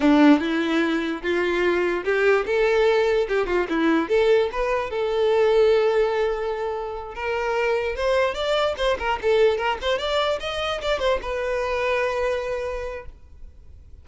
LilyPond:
\new Staff \with { instrumentName = "violin" } { \time 4/4 \tempo 4 = 147 d'4 e'2 f'4~ | f'4 g'4 a'2 | g'8 f'8 e'4 a'4 b'4 | a'1~ |
a'4. ais'2 c''8~ | c''8 d''4 c''8 ais'8 a'4 ais'8 | c''8 d''4 dis''4 d''8 c''8 b'8~ | b'1 | }